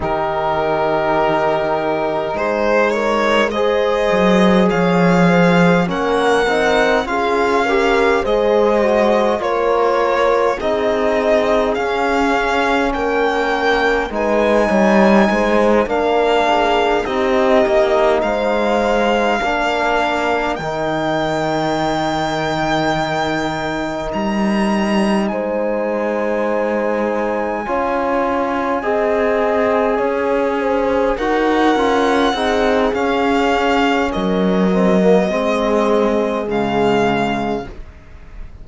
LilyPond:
<<
  \new Staff \with { instrumentName = "violin" } { \time 4/4 \tempo 4 = 51 ais'2 c''8 cis''8 dis''4 | f''4 fis''4 f''4 dis''4 | cis''4 dis''4 f''4 g''4 | gis''4. f''4 dis''4 f''8~ |
f''4. g''2~ g''8~ | g''8 ais''4 gis''2~ gis''8~ | gis''2~ gis''8 fis''4. | f''4 dis''2 f''4 | }
  \new Staff \with { instrumentName = "horn" } { \time 4/4 g'2 gis'8 ais'8 c''4 | cis''8 c''8 ais'4 gis'8 ais'8 c''4 | ais'4 gis'2 ais'4 | b'8 cis''8 c''8 ais'8 gis'8 g'4 c''8~ |
c''8 ais'2.~ ais'8~ | ais'4. c''2 cis''8~ | cis''8 dis''4 cis''8 c''8 ais'4 gis'8~ | gis'4 ais'4 gis'2 | }
  \new Staff \with { instrumentName = "trombone" } { \time 4/4 dis'2. gis'4~ | gis'4 cis'8 dis'8 f'8 g'8 gis'8 fis'8 | f'4 dis'4 cis'2 | dis'4. d'4 dis'4.~ |
dis'8 d'4 dis'2~ dis'8~ | dis'2.~ dis'8 f'8~ | f'8 gis'2 fis'8 f'8 dis'8 | cis'4. c'16 ais16 c'4 gis4 | }
  \new Staff \with { instrumentName = "cello" } { \time 4/4 dis2 gis4. fis8 | f4 ais8 c'8 cis'4 gis4 | ais4 c'4 cis'4 ais4 | gis8 g8 gis8 ais4 c'8 ais8 gis8~ |
gis8 ais4 dis2~ dis8~ | dis8 g4 gis2 cis'8~ | cis'8 c'4 cis'4 dis'8 cis'8 c'8 | cis'4 fis4 gis4 cis4 | }
>>